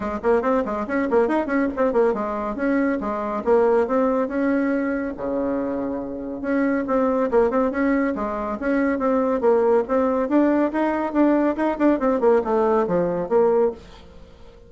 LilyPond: \new Staff \with { instrumentName = "bassoon" } { \time 4/4 \tempo 4 = 140 gis8 ais8 c'8 gis8 cis'8 ais8 dis'8 cis'8 | c'8 ais8 gis4 cis'4 gis4 | ais4 c'4 cis'2 | cis2. cis'4 |
c'4 ais8 c'8 cis'4 gis4 | cis'4 c'4 ais4 c'4 | d'4 dis'4 d'4 dis'8 d'8 | c'8 ais8 a4 f4 ais4 | }